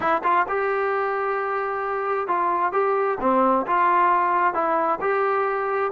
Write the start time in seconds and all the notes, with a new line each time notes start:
0.00 E4
0.23 F4
0.48 G4
2.27 F4
2.72 G4
3.20 C4
3.66 F4
4.54 E4
5.00 G4